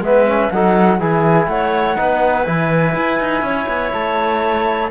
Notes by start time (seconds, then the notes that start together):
0.00 G#3 B3 B4 E5
0.27 C#4
0.50 F#3 D#4 A4 F#5
0.98 E3 E4 G#4 G#5
1.47 A3 C#5 F#5
1.95 B3 D#4 B4
2.44 E3 E4 G#5
2.95 E4
3.19 D#4
3.41 C#4 C#5
3.68 B3
3.92 A3 A5